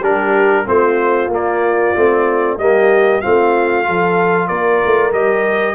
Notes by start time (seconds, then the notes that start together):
0.00 G3 D4 G4 A#4
0.65 A3 C4 F4 C5
1.28 A#3
1.34 D5
1.96 A3 C4
2.58 G3 A#3 G4 D#5
3.21 A3 C4 F4 F5
3.84 F3 F4 A4
4.47 A#3 A#4 D5
4.86 A3
5.12 G3 G4 D#5